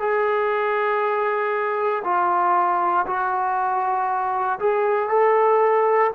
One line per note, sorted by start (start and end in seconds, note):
0.00 2.03 G#4
2.05 3.06 F4
3.07 4.59 F#4
4.59 5.09 G#4
5.09 6.11 A4